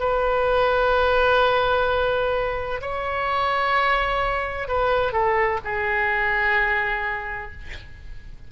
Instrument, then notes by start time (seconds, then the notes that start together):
oboe
0.00 B4
2.81 C#5
4.68 B4
5.13 A4
5.65 G#4